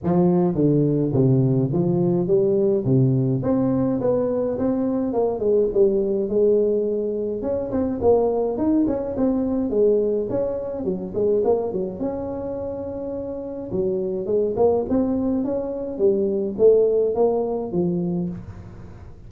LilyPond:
\new Staff \with { instrumentName = "tuba" } { \time 4/4 \tempo 4 = 105 f4 d4 c4 f4 | g4 c4 c'4 b4 | c'4 ais8 gis8 g4 gis4~ | gis4 cis'8 c'8 ais4 dis'8 cis'8 |
c'4 gis4 cis'4 fis8 gis8 | ais8 fis8 cis'2. | fis4 gis8 ais8 c'4 cis'4 | g4 a4 ais4 f4 | }